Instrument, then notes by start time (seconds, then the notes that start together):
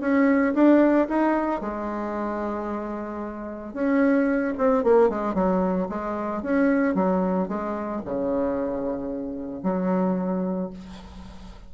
bassoon
0.00 C#4
0.54 D4
1.08 D#4
1.61 G#3
3.73 C#4
4.58 C4
4.83 A#3
5.09 G#3
5.34 F#3
5.89 G#3
6.42 C#4
6.94 F#3
7.48 G#3
8.05 C#3
9.63 F#3